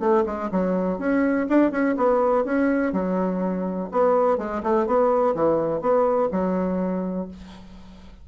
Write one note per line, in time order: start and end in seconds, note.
0.00 0.24 A3
0.26 0.50 G#3
0.52 0.99 F#3
0.99 1.47 C#4
1.49 1.71 D4
1.71 1.96 C#4
1.97 2.45 B3
2.45 2.93 C#4
2.93 3.89 F#3
3.91 4.38 B3
4.38 4.62 G#3
4.63 4.87 A3
4.87 5.35 B3
5.35 5.81 E3
5.81 6.29 B3
6.31 7.28 F#3